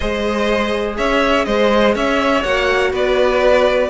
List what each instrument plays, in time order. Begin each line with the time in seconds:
0.00 cello G#3, viola G#4, violin C5 D#5
0.97 cello C#4, violin C#5 E5
1.45 cello G#3, violin C5 D#5
1.95 cello C#4, violin C#5 E5
2.43 cello A#3, viola F#4, violin F#5
2.91 cello B3, violin B4 D5